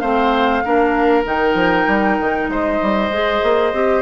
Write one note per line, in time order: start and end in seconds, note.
0.00 0.64 A3
0.00 0.64 C4
0.00 0.64 C5
0.00 1.24 F5
0.65 1.25 A#3
0.65 1.25 D4
0.65 2.51 A#4
1.25 1.55 D#3
1.25 3.10 D#4
1.25 2.51 G5
1.55 1.86 F3
1.87 2.18 G3
2.21 2.49 D#3
2.49 2.80 G#3
2.49 4.02 C5
2.49 4.02 D#5
2.83 3.10 G3
3.10 3.41 G#3
3.10 3.74 G#4
3.43 3.73 A#3
3.73 4.02 C4
3.73 4.02 G4